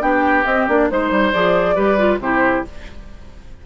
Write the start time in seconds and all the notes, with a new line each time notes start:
0.00 B3 D4 G4 G5
0.45 C4 D#5
0.68 A#3 D4 D5
0.90 G#3 D#4 C5
1.10 G3
1.32 F3 G#4 D5
1.75 G3 G4 B4
1.97 F4
2.19 C3 E4 G4 C5